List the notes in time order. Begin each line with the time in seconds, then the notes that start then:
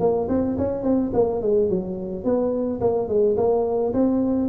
0.00 A#3
0.29 C4
0.58 C#4
0.83 C4
1.13 A#3
1.41 G#3
1.69 F#3
2.24 B3
2.81 A#3
3.08 G#3
3.37 A#3
3.93 C4